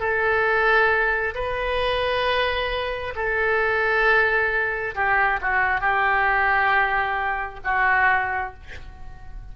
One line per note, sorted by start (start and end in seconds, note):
0.00 1.34 A4
1.35 3.14 B4
3.16 4.95 A4
4.95 5.40 G4
5.42 5.81 F#4
5.81 7.60 G4
7.64 8.54 F#4